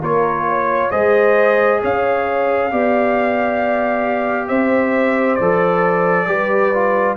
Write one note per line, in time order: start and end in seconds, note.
0.00 0.91 A#3
0.00 0.92 F4
0.00 0.45 A#4
0.00 0.91 C#5
0.48 0.92 C#5
0.91 1.82 G#3
0.91 2.71 G#4
0.91 1.81 C5
0.91 1.81 D#5
1.82 2.73 C#4
1.82 2.72 C#5
1.82 4.49 F5
2.72 4.50 B3
2.72 5.40 G4
2.72 4.49 D5
4.49 5.40 C4
4.49 6.28 C5
4.49 5.36 E5
5.36 6.27 F3
5.36 6.28 A4
5.36 7.15 D5
6.27 7.17 G3
6.27 6.73 G4
6.27 7.17 B4
6.74 7.17 F4